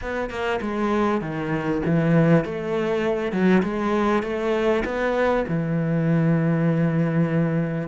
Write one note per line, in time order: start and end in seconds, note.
0.01 0.29 B3
0.29 0.60 A#3
0.61 1.21 G#3
1.21 1.81 D#3
1.85 2.44 E3
2.44 3.32 A3
3.32 3.62 F#3
3.63 4.23 G#3
4.23 4.83 A3
4.84 5.45 B3
5.47 7.88 E3